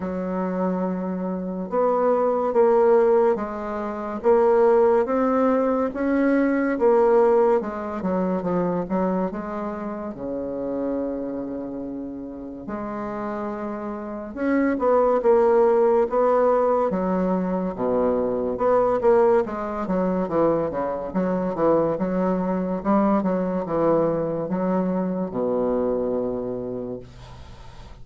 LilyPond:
\new Staff \with { instrumentName = "bassoon" } { \time 4/4 \tempo 4 = 71 fis2 b4 ais4 | gis4 ais4 c'4 cis'4 | ais4 gis8 fis8 f8 fis8 gis4 | cis2. gis4~ |
gis4 cis'8 b8 ais4 b4 | fis4 b,4 b8 ais8 gis8 fis8 | e8 cis8 fis8 e8 fis4 g8 fis8 | e4 fis4 b,2 | }